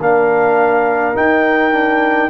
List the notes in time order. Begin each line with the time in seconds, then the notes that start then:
0.00 A#3 D4 A#4 F5
1.15 D#4 G5
1.72 D4